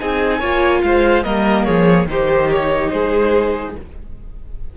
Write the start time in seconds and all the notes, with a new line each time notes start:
0.00 C4 D#4 G#4 G#5
0.40 A#3 F4 C#5
0.82 G#3 C5 F5
1.24 G3 A#3 A#4 D#5
1.65 F3 G#4 C#5
2.06 D#3 D#4 G4 C5
2.51 C#5
2.90 G#3 G#4 C5